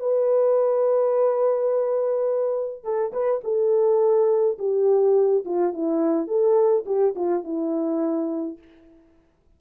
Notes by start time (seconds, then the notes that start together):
0.00 B4
2.84 A4
3.12 B4
3.44 A4
4.58 G4
5.45 F4
5.74 E4
6.27 A4
6.86 G4
7.15 F4
7.44 E4